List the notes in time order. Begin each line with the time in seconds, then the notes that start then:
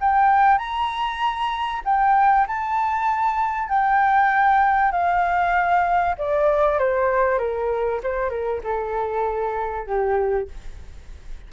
0.00 G5
0.58 A#5
1.85 G5
2.47 A5
3.69 G5
4.91 F5
6.18 D5
6.78 C5
7.38 A#4
8.03 C5
8.29 A#4
8.63 A4
9.86 G4